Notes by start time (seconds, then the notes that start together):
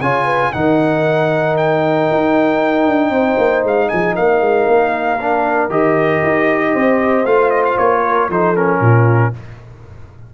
0.00 C#3 F4 C#5 G#5
0.25 B4
0.53 D#3 D#4 A#4 F#5
1.57 G5
2.11 D#4
2.87 D4
3.10 C4 C5
3.38 A#3
3.64 G#3 F5
3.89 F3 G#4 G#5
4.15 A#3 A#4 F5
4.41 G#3
4.68 A#3
5.20 D4
5.70 D#3 G4 D#5
6.24 D#4
6.73 C4 C5
7.25 A3 F4 F5
7.50 D#5
7.65 F5
7.78 A#3 C#5
8.03 A#4
8.29 F3 D#4 A4 C5
8.56 C#4 A#4
8.80 A#2 F4